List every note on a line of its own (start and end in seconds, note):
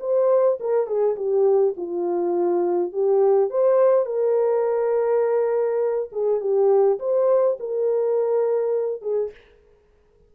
0.00 0.58 C5
0.60 0.86 A#4
0.86 1.15 G#4
1.16 1.74 G4
1.77 2.92 F4
2.92 3.50 G4
3.50 4.05 C5
4.05 6.09 A#4
6.12 6.40 G#4
6.40 6.98 G4
6.99 7.58 C5
7.59 9.01 A#4
9.01 9.30 G#4